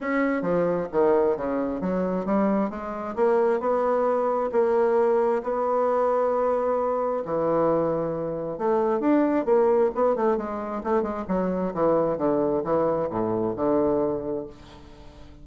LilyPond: \new Staff \with { instrumentName = "bassoon" } { \time 4/4 \tempo 4 = 133 cis'4 f4 dis4 cis4 | fis4 g4 gis4 ais4 | b2 ais2 | b1 |
e2. a4 | d'4 ais4 b8 a8 gis4 | a8 gis8 fis4 e4 d4 | e4 a,4 d2 | }